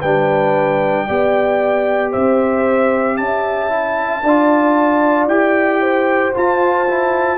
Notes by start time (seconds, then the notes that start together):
0.00 G3 D4 B4 G5
1.07 B3 G4 D5
2.12 C4 C5 E5
3.17 C#4 E5 A5
3.70 E4
4.23 D4 F4 D5
5.26 E4 G4 G5
5.81 C5
6.34 F4 A5
6.88 E4